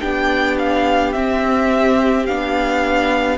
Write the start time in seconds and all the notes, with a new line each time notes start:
0.00 B3 D4 G4 G5
0.58 F5
1.12 C4 E5
2.26 B3 D4 F5